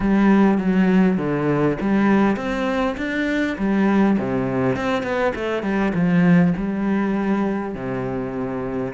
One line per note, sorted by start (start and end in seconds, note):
0.00 0.58 G3
0.58 1.17 F#3
1.17 1.77 D3
1.80 2.36 G3
2.36 2.95 C4
2.97 3.56 D4
3.58 4.17 G3
4.18 4.76 C3
4.76 5.03 C4
5.03 5.32 B3
5.35 5.62 A3
5.62 5.92 G3
5.94 6.53 F3
6.57 7.74 G3
7.74 8.93 C3